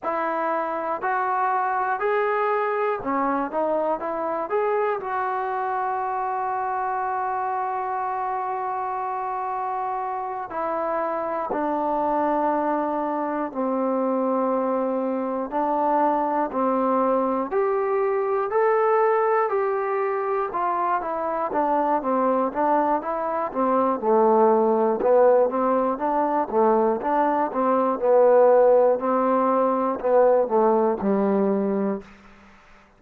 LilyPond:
\new Staff \with { instrumentName = "trombone" } { \time 4/4 \tempo 4 = 60 e'4 fis'4 gis'4 cis'8 dis'8 | e'8 gis'8 fis'2.~ | fis'2~ fis'8 e'4 d'8~ | d'4. c'2 d'8~ |
d'8 c'4 g'4 a'4 g'8~ | g'8 f'8 e'8 d'8 c'8 d'8 e'8 c'8 | a4 b8 c'8 d'8 a8 d'8 c'8 | b4 c'4 b8 a8 g4 | }